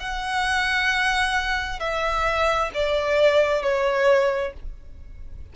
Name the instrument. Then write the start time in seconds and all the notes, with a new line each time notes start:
violin
0.00 F#5
1.80 E5
2.74 D5
3.63 C#5